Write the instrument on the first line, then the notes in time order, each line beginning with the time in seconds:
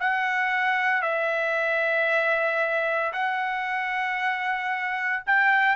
trumpet
0.00 F#5
1.02 E5
3.12 F#5
5.26 G5